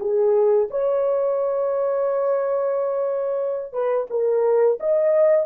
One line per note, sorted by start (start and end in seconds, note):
0.00 0.68 G#4
0.70 3.73 C#5
3.73 4.07 B4
4.10 4.78 A#4
4.80 5.46 D#5